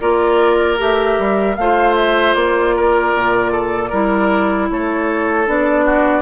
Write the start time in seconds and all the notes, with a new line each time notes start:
0.00 A#3 F4 A#4 D5
0.77 A3 G4 E5
1.18 G3
1.55 A3 F4 C5 F5
1.95 E5
2.34 A#3 D5
2.75 A#4
3.13 A#2
3.51 A4
3.89 G3 E4 A#4
4.70 A3 A4 C#5
5.46 B3 D4 D5
5.85 F#4